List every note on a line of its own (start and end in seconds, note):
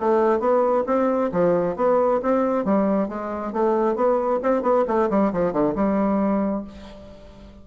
0.00 0.40 A3
0.40 0.84 B3
0.86 1.31 C4
1.32 1.76 F3
1.76 2.21 B3
2.22 2.65 C4
2.65 3.08 G3
3.08 3.53 G#3
3.53 3.96 A3
3.96 4.40 B3
4.43 4.63 C4
4.63 4.85 B3
4.87 5.10 A3
5.10 5.32 G3
5.33 5.53 F3
5.53 5.75 D3
5.75 6.64 G3